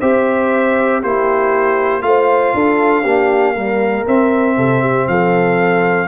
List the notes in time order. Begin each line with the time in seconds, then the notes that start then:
0.00 C4 G4 C5 E5
1.00 A#3 E4 G4 C5
2.01 A3 F4 C5 F5
2.54 D4 A4
3.03 A#3 D4 G4
3.54 G3 A#4
4.05 C4 E5
4.57 C3 A4
4.81 G4
5.07 F3 A4 F5